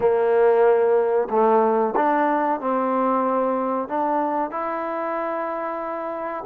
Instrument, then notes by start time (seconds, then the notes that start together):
trombone
0.00 A#3
1.30 A3
1.96 D4
2.60 C4
3.88 D4
4.50 E4